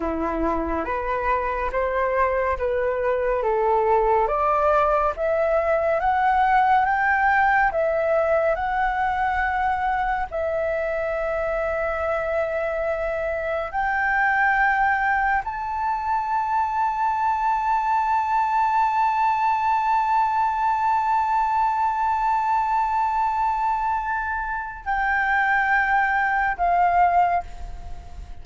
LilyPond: \new Staff \with { instrumentName = "flute" } { \time 4/4 \tempo 4 = 70 e'4 b'4 c''4 b'4 | a'4 d''4 e''4 fis''4 | g''4 e''4 fis''2 | e''1 |
g''2 a''2~ | a''1~ | a''1~ | a''4 g''2 f''4 | }